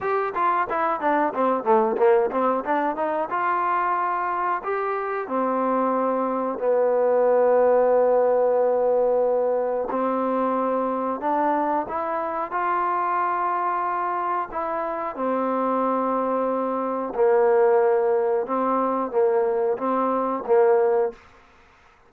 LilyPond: \new Staff \with { instrumentName = "trombone" } { \time 4/4 \tempo 4 = 91 g'8 f'8 e'8 d'8 c'8 a8 ais8 c'8 | d'8 dis'8 f'2 g'4 | c'2 b2~ | b2. c'4~ |
c'4 d'4 e'4 f'4~ | f'2 e'4 c'4~ | c'2 ais2 | c'4 ais4 c'4 ais4 | }